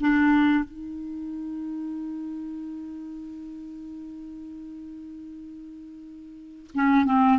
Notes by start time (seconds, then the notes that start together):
0.00 D4
0.64 D#4
6.74 C#4
7.05 C4